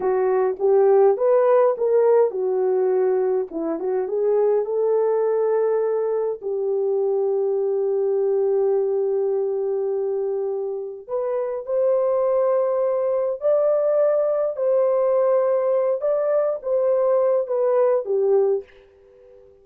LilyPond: \new Staff \with { instrumentName = "horn" } { \time 4/4 \tempo 4 = 103 fis'4 g'4 b'4 ais'4 | fis'2 e'8 fis'8 gis'4 | a'2. g'4~ | g'1~ |
g'2. b'4 | c''2. d''4~ | d''4 c''2~ c''8 d''8~ | d''8 c''4. b'4 g'4 | }